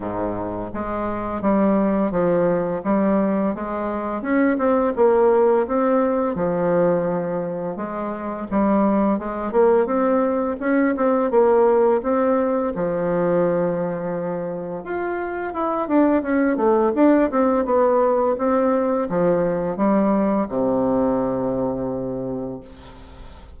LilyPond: \new Staff \with { instrumentName = "bassoon" } { \time 4/4 \tempo 4 = 85 gis,4 gis4 g4 f4 | g4 gis4 cis'8 c'8 ais4 | c'4 f2 gis4 | g4 gis8 ais8 c'4 cis'8 c'8 |
ais4 c'4 f2~ | f4 f'4 e'8 d'8 cis'8 a8 | d'8 c'8 b4 c'4 f4 | g4 c2. | }